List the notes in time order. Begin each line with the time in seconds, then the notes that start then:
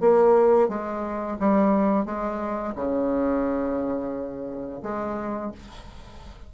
0.00 A#3
0.68 G#3
1.39 G3
2.05 G#3
2.75 C#3
4.82 G#3